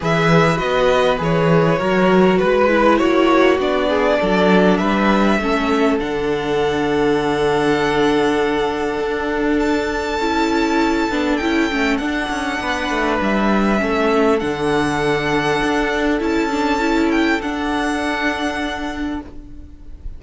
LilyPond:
<<
  \new Staff \with { instrumentName = "violin" } { \time 4/4 \tempo 4 = 100 e''4 dis''4 cis''2 | b'4 cis''4 d''2 | e''2 fis''2~ | fis''1 |
a''2. g''4 | fis''2 e''2 | fis''2. a''4~ | a''8 g''8 fis''2. | }
  \new Staff \with { instrumentName = "violin" } { \time 4/4 b'2. ais'4 | b'4 fis'4. gis'8 a'4 | b'4 a'2.~ | a'1~ |
a'1~ | a'4 b'2 a'4~ | a'1~ | a'1 | }
  \new Staff \with { instrumentName = "viola" } { \time 4/4 gis'4 fis'4 gis'4 fis'4~ | fis'8 e'4. d'2~ | d'4 cis'4 d'2~ | d'1~ |
d'4 e'4. d'8 e'8 cis'8 | d'2. cis'4 | d'2. e'8 d'8 | e'4 d'2. | }
  \new Staff \with { instrumentName = "cello" } { \time 4/4 e4 b4 e4 fis4 | gis4 ais4 b4 fis4 | g4 a4 d2~ | d2. d'4~ |
d'4 cis'4. b8 cis'8 a8 | d'8 cis'8 b8 a8 g4 a4 | d2 d'4 cis'4~ | cis'4 d'2. | }
>>